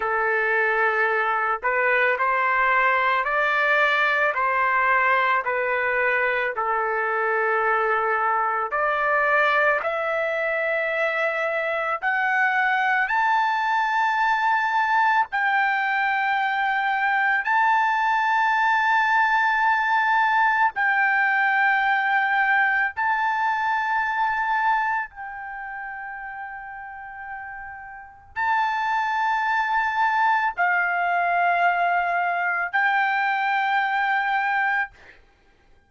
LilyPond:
\new Staff \with { instrumentName = "trumpet" } { \time 4/4 \tempo 4 = 55 a'4. b'8 c''4 d''4 | c''4 b'4 a'2 | d''4 e''2 fis''4 | a''2 g''2 |
a''2. g''4~ | g''4 a''2 g''4~ | g''2 a''2 | f''2 g''2 | }